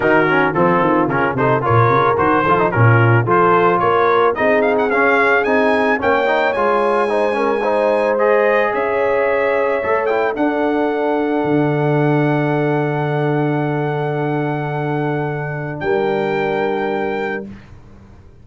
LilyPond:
<<
  \new Staff \with { instrumentName = "trumpet" } { \time 4/4 \tempo 4 = 110 ais'4 a'4 ais'8 c''8 cis''4 | c''4 ais'4 c''4 cis''4 | dis''8 f''16 fis''16 f''4 gis''4 g''4 | gis''2. dis''4 |
e''2~ e''8 g''8 fis''4~ | fis''1~ | fis''1~ | fis''4 g''2. | }
  \new Staff \with { instrumentName = "horn" } { \time 4/4 fis'4 f'4. a'8 ais'4~ | ais'8 a'8 f'4 a'4 ais'4 | gis'2. cis''4~ | cis''4 c''8 ais'8 c''2 |
cis''2. a'4~ | a'1~ | a'1~ | a'4 ais'2. | }
  \new Staff \with { instrumentName = "trombone" } { \time 4/4 dis'8 cis'8 c'4 cis'8 dis'8 f'4 | fis'8 f'16 dis'16 cis'4 f'2 | dis'4 cis'4 dis'4 cis'8 dis'8 | f'4 dis'8 cis'8 dis'4 gis'4~ |
gis'2 a'8 e'8 d'4~ | d'1~ | d'1~ | d'1 | }
  \new Staff \with { instrumentName = "tuba" } { \time 4/4 dis4 f8 dis8 cis8 c8 ais,8 cis8 | dis8 f8 ais,4 f4 ais4 | c'4 cis'4 c'4 ais4 | gis1 |
cis'2 a4 d'4~ | d'4 d2.~ | d1~ | d4 g2. | }
>>